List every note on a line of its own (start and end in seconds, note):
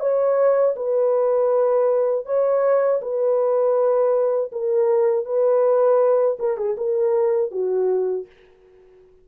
0.00 0.75 C#5
0.76 2.25 B4
2.25 3.00 C#5
3.01 4.51 B4
4.52 5.25 A#4
5.25 6.38 B4
6.39 6.57 A#4
6.57 6.76 G#4
6.77 7.51 A#4
7.51 8.26 F#4